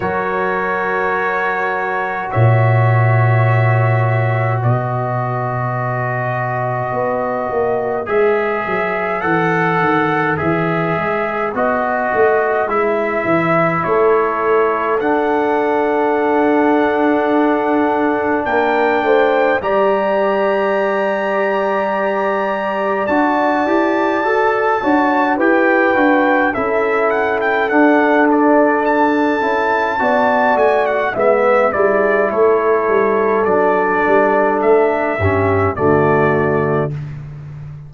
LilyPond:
<<
  \new Staff \with { instrumentName = "trumpet" } { \time 4/4 \tempo 4 = 52 cis''2 e''2 | dis''2. e''4 | fis''4 e''4 dis''4 e''4 | cis''4 fis''2. |
g''4 ais''2. | a''2 g''4 e''8 fis''16 g''16 | fis''8 d''8 a''4. gis''16 fis''16 e''8 d''8 | cis''4 d''4 e''4 d''4 | }
  \new Staff \with { instrumentName = "horn" } { \time 4/4 ais'2 cis''2 | b'1~ | b'1 | a'1 |
ais'8 c''8 d''2.~ | d''4. cis''8 b'4 a'4~ | a'2 d''4 e''8 gis'8 | a'2~ a'8 g'8 fis'4 | }
  \new Staff \with { instrumentName = "trombone" } { \time 4/4 fis'1~ | fis'2. gis'4 | a'4 gis'4 fis'4 e'4~ | e'4 d'2.~ |
d'4 g'2. | fis'8 g'8 a'8 fis'8 g'8 fis'8 e'4 | d'4. e'8 fis'4 b8 e'8~ | e'4 d'4. cis'8 a4 | }
  \new Staff \with { instrumentName = "tuba" } { \time 4/4 fis2 ais,2 | b,2 b8 ais8 gis8 fis8 | e8 dis8 e8 gis8 b8 a8 gis8 e8 | a4 d'2. |
ais8 a8 g2. | d'8 e'8 fis'8 d'8 e'8 d'8 cis'4 | d'4. cis'8 b8 a8 gis8 g8 | a8 g8 fis8 g8 a8 g,8 d4 | }
>>